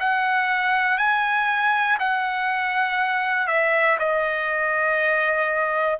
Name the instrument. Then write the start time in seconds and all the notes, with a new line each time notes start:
trumpet
0.00 F#5
0.98 G#5
2.00 F#5
3.48 E5
3.99 D#5